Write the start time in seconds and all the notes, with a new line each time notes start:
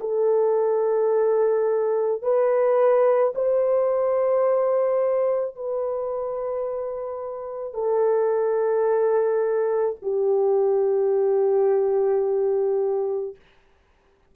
0.00 A4
2.22 B4
3.35 C5
5.55 B4
7.74 A4
10.02 G4